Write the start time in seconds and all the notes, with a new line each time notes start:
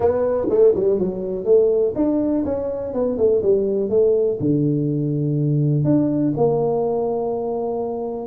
0.00 B3
0.49 A3
0.75 G3
0.99 F#3
1.44 A3
1.95 D4
2.45 C#4
2.93 B3
3.17 A3
3.42 G3
3.89 A3
4.40 D3
5.84 D4
6.36 A#3